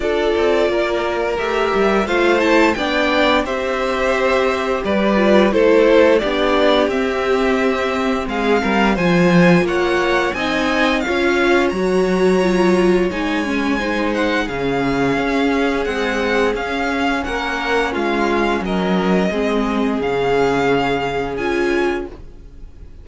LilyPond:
<<
  \new Staff \with { instrumentName = "violin" } { \time 4/4 \tempo 4 = 87 d''2 e''4 f''8 a''8 | g''4 e''2 d''4 | c''4 d''4 e''2 | f''4 gis''4 fis''4 gis''4 |
f''4 ais''2 gis''4~ | gis''8 fis''8 f''2 fis''4 | f''4 fis''4 f''4 dis''4~ | dis''4 f''2 gis''4 | }
  \new Staff \with { instrumentName = "violin" } { \time 4/4 a'4 ais'2 c''4 | d''4 c''2 b'4 | a'4 g'2. | gis'8 ais'8 c''4 cis''4 dis''4 |
cis''1 | c''4 gis'2.~ | gis'4 ais'4 f'4 ais'4 | gis'1 | }
  \new Staff \with { instrumentName = "viola" } { \time 4/4 f'2 g'4 f'8 e'8 | d'4 g'2~ g'8 f'8 | e'4 d'4 c'2~ | c'4 f'2 dis'4 |
f'4 fis'4 f'4 dis'8 cis'8 | dis'4 cis'2 gis4 | cis'1 | c'4 cis'2 f'4 | }
  \new Staff \with { instrumentName = "cello" } { \time 4/4 d'8 c'8 ais4 a8 g8 a4 | b4 c'2 g4 | a4 b4 c'2 | gis8 g8 f4 ais4 c'4 |
cis'4 fis2 gis4~ | gis4 cis4 cis'4 c'4 | cis'4 ais4 gis4 fis4 | gis4 cis2 cis'4 | }
>>